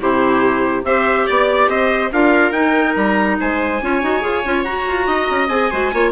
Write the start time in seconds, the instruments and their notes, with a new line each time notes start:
0.00 bassoon C3, clarinet E4, viola G4, trumpet C5
0.84 bassoon C4, clarinet G4, viola C5, trumpet E5
1.26 bassoon B3, viola D5, trumpet D5
1.68 bassoon C4, viola C5, trumpet D#5
2.12 bassoon D4, clarinet F4, viola A#4, trumpet F5
2.51 bassoon D#4, clarinet D#4, trumpet G5
2.96 bassoon G3, trumpet A#5
3.40 bassoon G#3, viola C5, trumpet G#5
3.81 bassoon C#4, clarinet F4, viola C#5
4.02 bassoon D#4, clarinet F#4
4.21 bassoon F4, clarinet G#4
4.45 bassoon C#4, clarinet F4
4.63 bassoon F#4, clarinet F#4, trumpet A#5
4.88 bassoon F4
5.07 bassoon D#4, viola D#5
5.30 bassoon C#4
5.48 bassoon C4, clarinet G#4, trumpet G#5
5.70 bassoon G#3, clarinet F#4, viola C5
5.93 bassoon A#3, clarinet F4, viola C#5